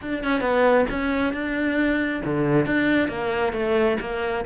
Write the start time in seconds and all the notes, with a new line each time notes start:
0.01 D4
0.23 C#4
0.41 B3
0.90 C#4
1.33 D4
2.24 D3
2.66 D4
3.08 A#3
3.52 A3
4.00 A#3